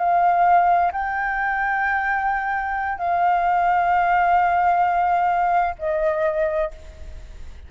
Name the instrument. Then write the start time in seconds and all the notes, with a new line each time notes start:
flute
0.00 F5
0.93 G5
2.98 F5
5.79 D#5